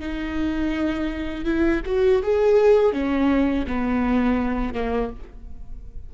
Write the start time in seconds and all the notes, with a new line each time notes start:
0.00 D#4
1.45 E4
1.86 F#4
2.23 G#4
2.93 C#4
3.67 B3
4.74 A#3